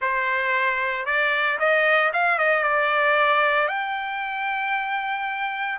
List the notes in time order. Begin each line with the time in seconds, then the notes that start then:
0.01 C5
1.05 D5
1.59 D#5
2.13 F5
2.38 D#5
2.63 D5
3.68 G5